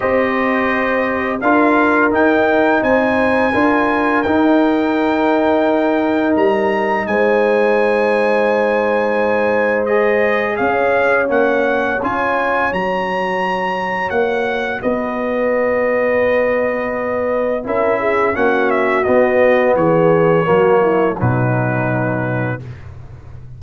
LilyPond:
<<
  \new Staff \with { instrumentName = "trumpet" } { \time 4/4 \tempo 4 = 85 dis''2 f''4 g''4 | gis''2 g''2~ | g''4 ais''4 gis''2~ | gis''2 dis''4 f''4 |
fis''4 gis''4 ais''2 | fis''4 dis''2.~ | dis''4 e''4 fis''8 e''8 dis''4 | cis''2 b'2 | }
  \new Staff \with { instrumentName = "horn" } { \time 4/4 c''2 ais'2 | c''4 ais'2.~ | ais'2 c''2~ | c''2. cis''4~ |
cis''1~ | cis''4 b'2.~ | b'4 ais'8 gis'8 fis'2 | gis'4 fis'8 e'8 dis'2 | }
  \new Staff \with { instrumentName = "trombone" } { \time 4/4 g'2 f'4 dis'4~ | dis'4 f'4 dis'2~ | dis'1~ | dis'2 gis'2 |
cis'4 f'4 fis'2~ | fis'1~ | fis'4 e'4 cis'4 b4~ | b4 ais4 fis2 | }
  \new Staff \with { instrumentName = "tuba" } { \time 4/4 c'2 d'4 dis'4 | c'4 d'4 dis'2~ | dis'4 g4 gis2~ | gis2. cis'4 |
ais4 cis'4 fis2 | ais4 b2.~ | b4 cis'4 ais4 b4 | e4 fis4 b,2 | }
>>